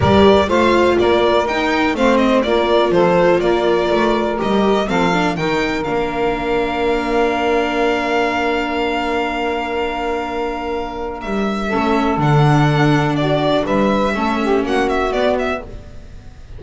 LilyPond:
<<
  \new Staff \with { instrumentName = "violin" } { \time 4/4 \tempo 4 = 123 d''4 f''4 d''4 g''4 | f''8 dis''8 d''4 c''4 d''4~ | d''4 dis''4 f''4 g''4 | f''1~ |
f''1~ | f''2. e''4~ | e''4 fis''2 d''4 | e''2 fis''8 e''8 d''8 e''8 | }
  \new Staff \with { instrumentName = "saxophone" } { \time 4/4 ais'4 c''4 ais'2 | c''4 ais'4 a'4 ais'4~ | ais'2 a'4 ais'4~ | ais'1~ |
ais'1~ | ais'1 | a'2. fis'4 | b'4 a'8 g'8 fis'2 | }
  \new Staff \with { instrumentName = "viola" } { \time 4/4 g'4 f'2 dis'4 | c'4 f'2.~ | f'4 g'4 c'8 d'8 dis'4 | d'1~ |
d'1~ | d'1 | cis'4 d'2.~ | d'4 cis'2 b4 | }
  \new Staff \with { instrumentName = "double bass" } { \time 4/4 g4 a4 ais4 dis'4 | a4 ais4 f4 ais4 | a4 g4 f4 dis4 | ais1~ |
ais1~ | ais2. g4 | a4 d2. | g4 a4 ais4 b4 | }
>>